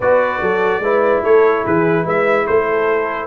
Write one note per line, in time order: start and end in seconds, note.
0.00 0.40 B3
0.00 0.83 F#4
0.00 0.41 B4
0.00 1.24 D5
0.40 0.79 F#3
0.40 0.82 A4
0.79 1.20 G#3
0.79 3.27 E4
0.79 1.23 B4
1.23 1.64 A3
1.23 1.64 A4
1.23 1.65 C#5
1.64 2.05 E3
1.64 2.04 G#4
1.64 2.07 B4
2.04 2.46 G#3
2.04 2.45 B4
2.04 2.47 E5
2.46 3.27 A3
2.46 3.27 A4
2.46 3.27 C5